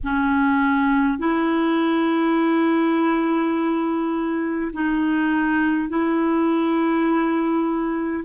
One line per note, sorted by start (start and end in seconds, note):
0.03 1.18 C#4
1.18 4.71 E4
4.73 5.88 D#4
5.88 8.24 E4